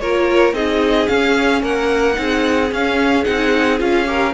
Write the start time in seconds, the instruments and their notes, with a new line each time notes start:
0.00 cello A#3, viola F4, violin A#4 C#5
0.53 cello C4, viola D#4, violin G#4 D#5
1.08 viola C#4, cello C#4, violin F5
1.62 cello A#3, violin A#4 F#5
2.14 cello C4, viola D#4
2.21 violin G#4
2.71 cello C#4, viola C#4, violin F5
3.25 cello C4, viola D#4, violin F#5
3.79 cello C#4, viola F4, violin F5
4.05 viola G4, violin A#4